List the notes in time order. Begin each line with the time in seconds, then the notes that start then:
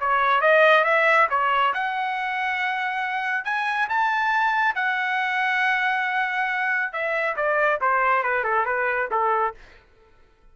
0.00 C#5
0.41 D#5
0.85 E5
1.30 C#5
1.74 F#5
3.45 G#5
3.89 A5
4.75 F#5
6.93 E5
7.36 D5
7.81 C5
8.23 B4
8.44 A4
8.66 B4
9.11 A4